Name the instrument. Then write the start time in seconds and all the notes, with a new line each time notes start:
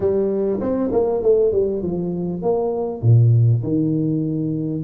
tuba
0.00 G3
0.60 C4
0.92 A#3
1.22 A3
1.52 G3
1.82 F3
2.42 A#3
3.02 A#2
3.63 D#3